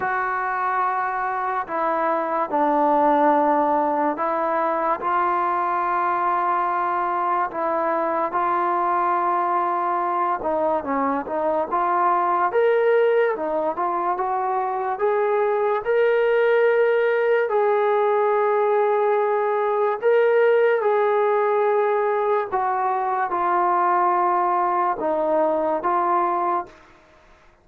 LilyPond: \new Staff \with { instrumentName = "trombone" } { \time 4/4 \tempo 4 = 72 fis'2 e'4 d'4~ | d'4 e'4 f'2~ | f'4 e'4 f'2~ | f'8 dis'8 cis'8 dis'8 f'4 ais'4 |
dis'8 f'8 fis'4 gis'4 ais'4~ | ais'4 gis'2. | ais'4 gis'2 fis'4 | f'2 dis'4 f'4 | }